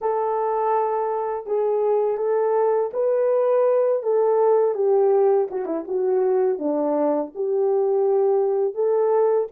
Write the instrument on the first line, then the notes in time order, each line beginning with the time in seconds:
horn
0.01 A4
1.46 G#4
2.17 A4
2.93 B4
4.02 A4
4.74 G4
5.50 F#4
5.65 E4
5.87 F#4
6.58 D4
7.34 G4
8.74 A4